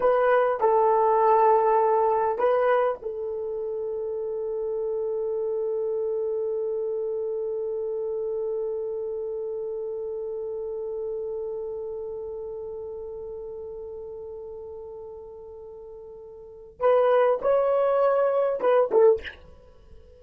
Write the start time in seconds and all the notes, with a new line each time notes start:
0.00 B4
0.60 A4
2.38 B4
3.02 A4
16.79 B4
17.41 C#5
18.60 B4
18.91 A4